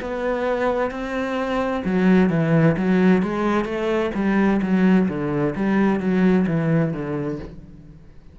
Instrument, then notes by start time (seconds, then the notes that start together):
cello
0.00 B3
0.91 C4
1.85 F#3
2.30 E3
2.77 F#3
3.22 G#3
3.65 A3
4.14 G3
4.62 F#3
5.08 D3
5.56 G3
6.00 F#3
6.47 E3
6.93 D3